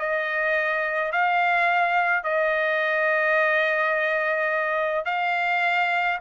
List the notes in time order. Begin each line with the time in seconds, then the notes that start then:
0.00 D#5
1.12 F5
2.24 D#5
5.06 F5